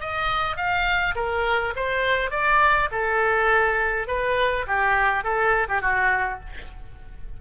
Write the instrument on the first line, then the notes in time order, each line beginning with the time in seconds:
oboe
0.00 D#5
0.56 F5
1.15 A#4
1.76 C5
2.31 D5
2.91 A4
4.08 B4
4.67 G4
5.24 A4
5.69 G4
5.81 F#4